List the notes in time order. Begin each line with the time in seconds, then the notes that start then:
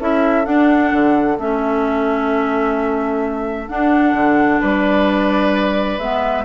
0.00 C#4 E4 A4 E5
0.45 D4 F#5
0.92 D3
1.39 A3 C#4 E5
3.68 D4 F#5
4.13 D3
4.60 G3 B4 D5
5.99 G#3 B3 E5